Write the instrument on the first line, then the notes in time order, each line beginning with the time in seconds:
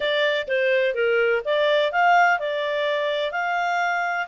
clarinet
0.00 D5
0.47 C5
0.94 A#4
1.44 D5
1.92 F5
2.39 D5
3.31 F5